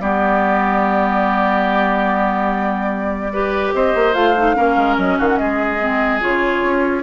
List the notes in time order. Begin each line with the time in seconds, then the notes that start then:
0.00 G3 B3 G4 D5
3.32 G4 B4
3.73 C4 C5 D#5
3.95 A#3
4.14 A3 F4 F5
4.37 D#4
4.54 A#3 C#4 A#4
4.76 G#3
4.97 F#3 D#5
5.18 D#3 F#4 F5
5.27 F#5
5.37 G#3 G#4 D#5
5.80 C4
6.20 C#3 F4 C#5
6.63 C#4